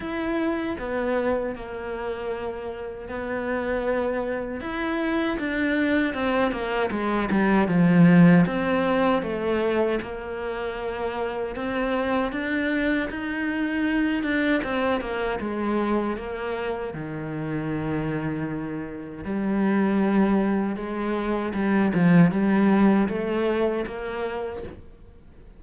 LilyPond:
\new Staff \with { instrumentName = "cello" } { \time 4/4 \tempo 4 = 78 e'4 b4 ais2 | b2 e'4 d'4 | c'8 ais8 gis8 g8 f4 c'4 | a4 ais2 c'4 |
d'4 dis'4. d'8 c'8 ais8 | gis4 ais4 dis2~ | dis4 g2 gis4 | g8 f8 g4 a4 ais4 | }